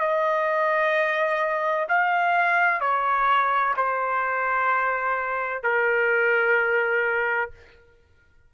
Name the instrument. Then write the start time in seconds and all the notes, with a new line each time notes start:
trumpet
0.00 D#5
1.89 F5
2.81 C#5
3.77 C5
5.63 A#4